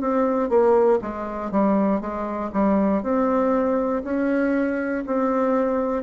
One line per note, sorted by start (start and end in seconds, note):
0.00 0.49 C4
0.49 0.99 A#3
1.02 1.51 G#3
1.51 2.01 G3
2.01 2.51 G#3
2.53 3.03 G3
3.03 4.03 C4
4.04 5.04 C#4
5.06 6.03 C4